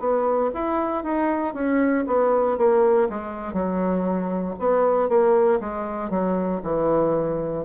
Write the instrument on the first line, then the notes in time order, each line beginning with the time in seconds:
bassoon
0.00 B3
0.55 E4
1.04 D#4
1.54 C#4
2.07 B3
2.58 A#3
3.09 G#3
3.54 F#3
4.59 B3
5.09 A#3
5.60 G#3
6.11 F#3
6.63 E3